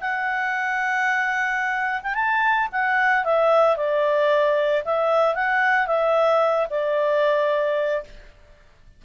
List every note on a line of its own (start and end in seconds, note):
0.00 2.01 F#5
2.03 2.14 G5
2.14 2.68 A5
2.72 3.24 F#5
3.24 3.76 E5
3.76 4.84 D5
4.85 5.35 E5
5.35 5.87 F#5
5.87 6.67 E5
6.70 8.04 D5